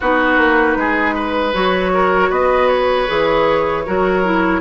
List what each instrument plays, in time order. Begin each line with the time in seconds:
0.00 bassoon B3, clarinet D#4, oboe F#4, flute B4
0.37 bassoon A#3
0.76 bassoon G#3, oboe G#4
1.14 oboe B4
1.53 bassoon F#3, clarinet F#4, flute C#5
1.93 oboe A#4
2.29 bassoon B3, oboe B4, flute D#5
2.68 flute C#5
3.07 bassoon E3, clarinet G#4
3.85 bassoon F#3, clarinet F#4, oboe A#4
4.24 clarinet E4